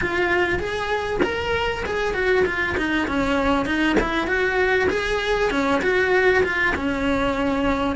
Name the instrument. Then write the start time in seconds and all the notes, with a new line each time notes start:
cello
0.01 F4
0.59 G#4
1.22 A#4
1.85 G#4
2.14 F#4
2.45 F4
2.77 D#4
3.07 C#4
3.65 D#4
4.00 E4
4.27 F#4
4.89 G#4
5.50 C#4
5.82 F#4
6.43 F4
6.75 C#4